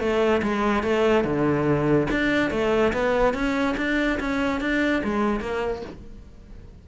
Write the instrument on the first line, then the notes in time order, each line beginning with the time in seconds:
cello
0.00 A3
0.42 G#3
0.83 A3
1.24 D3
2.11 D4
2.51 A3
2.93 B3
3.34 C#4
3.77 D4
4.20 C#4
4.61 D4
5.04 G#3
5.40 A#3